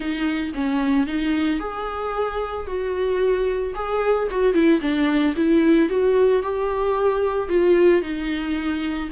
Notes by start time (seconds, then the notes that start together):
0.00 D#4
0.54 C#4
1.06 D#4
1.59 G#4
2.66 F#4
3.74 G#4
4.30 F#4
4.53 E4
4.81 D4
5.36 E4
5.89 F#4
6.42 G4
7.48 F4
8.02 D#4